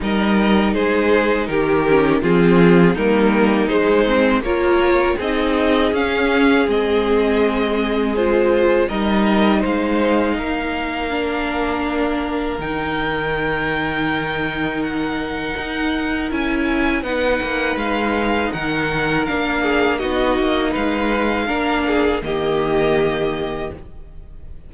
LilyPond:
<<
  \new Staff \with { instrumentName = "violin" } { \time 4/4 \tempo 4 = 81 dis''4 c''4 ais'4 gis'4 | ais'4 c''4 cis''4 dis''4 | f''4 dis''2 c''4 | dis''4 f''2.~ |
f''4 g''2. | fis''2 gis''4 fis''4 | f''4 fis''4 f''4 dis''4 | f''2 dis''2 | }
  \new Staff \with { instrumentName = "violin" } { \time 4/4 ais'4 gis'4 g'4 f'4 | dis'2 ais'4 gis'4~ | gis'1 | ais'4 c''4 ais'2~ |
ais'1~ | ais'2. b'4~ | b'4 ais'4. gis'8 fis'4 | b'4 ais'8 gis'8 g'2 | }
  \new Staff \with { instrumentName = "viola" } { \time 4/4 dis'2~ dis'8 cis'8 c'4 | ais4 gis8 c'8 f'4 dis'4 | cis'4 c'2 f'4 | dis'2. d'4~ |
d'4 dis'2.~ | dis'2 e'4 dis'4~ | dis'2 d'4 dis'4~ | dis'4 d'4 ais2 | }
  \new Staff \with { instrumentName = "cello" } { \time 4/4 g4 gis4 dis4 f4 | g4 gis4 ais4 c'4 | cis'4 gis2. | g4 gis4 ais2~ |
ais4 dis2.~ | dis4 dis'4 cis'4 b8 ais8 | gis4 dis4 ais4 b8 ais8 | gis4 ais4 dis2 | }
>>